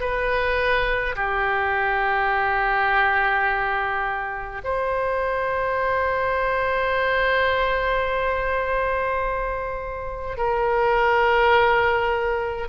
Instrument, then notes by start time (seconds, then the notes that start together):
oboe
0.00 B4
1.16 G4
4.64 C5
10.37 A#4